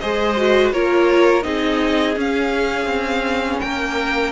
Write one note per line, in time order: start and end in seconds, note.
0.00 0.73 G#3
0.00 0.37 G#4
0.00 0.73 C5
0.00 0.72 D#5
0.37 0.74 F#4
0.73 1.45 A#3
0.73 1.43 F4
0.73 1.45 A#4
0.73 1.44 C#5
1.43 2.17 C4
1.43 2.15 D#4
1.43 3.63 G#4
1.43 2.16 D#5
2.17 2.86 C#4
2.17 4.33 C#4
2.17 3.61 F5
2.86 3.58 C4
3.61 4.33 A#3
3.61 4.33 A#4
3.61 4.33 G5